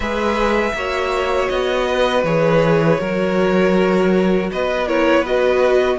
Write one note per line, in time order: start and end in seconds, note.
0.00 0.73 G#3
0.00 0.77 G#4
0.00 0.75 B4
0.00 1.49 E5
0.73 1.48 A#3
0.73 2.25 F#4
0.73 1.87 C#5
1.49 2.23 B3
1.49 2.24 D#5
1.87 3.00 B4
2.23 2.98 E3
2.23 2.99 G#4
2.23 4.49 C#5
2.99 4.50 F#3
2.99 4.86 F#4
2.99 4.50 A#4
4.51 5.98 B3
4.51 4.88 B4
4.51 4.88 D#5
4.87 5.25 E4
4.87 5.20 A#4
4.87 5.25 C#5
5.20 5.98 F#4
5.20 5.95 B4
5.20 5.98 D#5